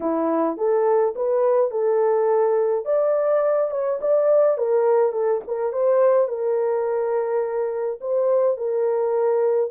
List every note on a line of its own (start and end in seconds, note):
0.00 0.57 E4
0.57 1.14 A4
1.15 1.70 B4
1.70 2.85 A4
2.85 3.70 D5
3.71 3.99 C#5
4.01 4.57 D5
4.57 5.12 A#4
5.12 5.41 A4
5.47 5.72 A#4
5.72 6.28 C5
6.28 7.99 A#4
8.00 8.57 C5
8.57 9.70 A#4